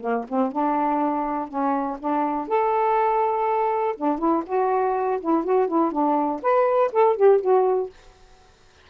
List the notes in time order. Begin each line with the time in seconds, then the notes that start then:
0.00 A#3
0.28 C4
0.51 D4
1.48 C#4
1.99 D4
2.47 A4
3.96 D4
4.18 E4
4.46 F#4
5.20 E4
5.44 F#4
5.68 E4
5.92 D4
6.42 B4
6.92 A4
7.16 G4
7.41 F#4